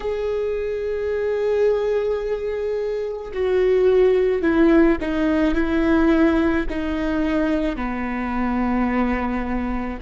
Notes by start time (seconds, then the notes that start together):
0.00 G#4
3.33 F#4
4.41 E4
5.01 D#4
5.54 E4
6.69 D#4
7.76 B3